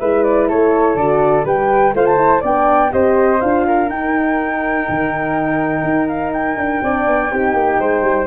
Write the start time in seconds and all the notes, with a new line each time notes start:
0.00 G#3 E4 B4 E5
0.23 D5
0.49 A3 A4 C#5
0.96 D3 F#4 D5
1.44 G3 G4 B4 G5
1.94 A3 F4 C5 F5
2.06 A5
2.17 E4
2.41 B3 D4 D5 G5
2.91 C4 G4 C5 D#5
3.41 D4 F4 F5
3.67 A#4
3.89 D#4 G5
4.89 D#3
5.84 D#4
6.09 F5
6.33 G5
6.57 D4
6.82 C4 D4 D5
7.07 B3
7.31 C4 D#4 G4
7.54 A#3
7.79 G#3 C5
8.02 G3